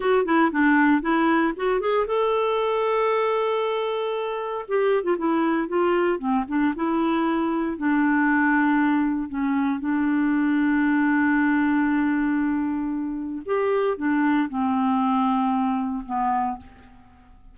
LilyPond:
\new Staff \with { instrumentName = "clarinet" } { \time 4/4 \tempo 4 = 116 fis'8 e'8 d'4 e'4 fis'8 gis'8 | a'1~ | a'4 g'8. f'16 e'4 f'4 | c'8 d'8 e'2 d'4~ |
d'2 cis'4 d'4~ | d'1~ | d'2 g'4 d'4 | c'2. b4 | }